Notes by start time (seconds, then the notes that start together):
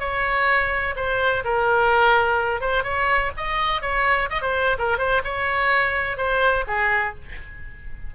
0.00 C#5
0.97 C5
1.45 A#4
2.61 C5
2.84 C#5
3.37 D#5
3.82 C#5
4.31 D#5
4.42 C5
4.79 A#4
4.99 C5
5.24 C#5
6.18 C5
6.68 G#4